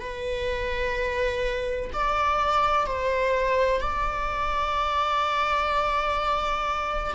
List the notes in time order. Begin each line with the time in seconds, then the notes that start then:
0.00 B4
1.94 D5
2.87 C5
3.81 D5